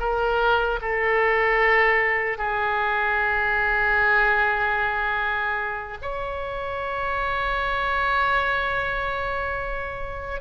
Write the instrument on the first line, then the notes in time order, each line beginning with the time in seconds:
oboe
0.00 A#4
0.82 A4
2.38 G#4
6.02 C#5